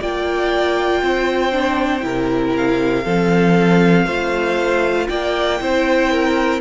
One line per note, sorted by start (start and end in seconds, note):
0.00 1.03 A#3
0.00 1.52 F4
0.00 1.02 D5
0.00 2.57 G5
1.03 2.04 C4
1.03 2.05 C5
1.52 2.01 D4
2.01 3.05 C3
2.01 3.03 E4
2.01 3.05 A#4
2.57 5.09 F5
3.05 4.07 F3
3.05 4.08 C4
3.05 4.06 A4
4.06 5.08 A3
4.06 5.61 F4
4.06 5.08 C5
5.09 5.61 A#3
5.09 5.61 D5
5.09 6.61 G5
5.61 6.61 C4
5.61 6.61 E4
5.61 6.12 C5
6.12 6.61 A#4